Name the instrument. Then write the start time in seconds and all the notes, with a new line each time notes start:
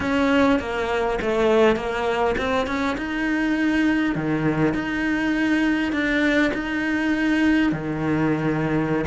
cello
0.00 C#4
0.59 A#3
1.21 A3
1.76 A#3
2.37 C4
2.67 C#4
2.97 D#4
4.14 D#3
4.74 D#4
5.92 D4
6.53 D#4
7.71 D#3